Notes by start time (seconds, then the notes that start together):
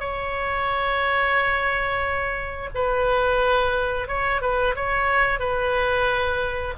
0.00 C#5
2.75 B4
4.08 C#5
4.42 B4
4.75 C#5
5.39 B4